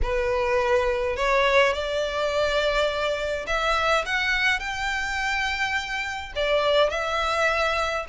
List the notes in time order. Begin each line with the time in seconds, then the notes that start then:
0.02 B4
1.16 C#5
1.73 D5
3.46 E5
4.05 F#5
4.59 G5
6.35 D5
6.90 E5